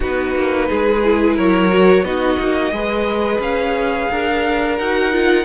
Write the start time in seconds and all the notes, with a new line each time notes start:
0.00 B3 D#4 F#4 B4
0.35 A#3
0.68 G#3 G#4
1.03 E4
1.35 F#3 A#4 C#5
1.70 F#4
2.02 B3 D#4 F#4 D#5
2.38 A#3
2.71 G#3 G#4 B4
3.39 C#4 F5
4.10 D4 A#4
4.78 D#4 F#4 F#5
5.12 F4